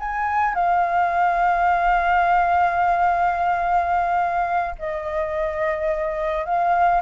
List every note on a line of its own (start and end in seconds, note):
0.00 0.55 G#5
0.55 4.76 F5
4.79 6.46 D#5
6.46 7.02 F5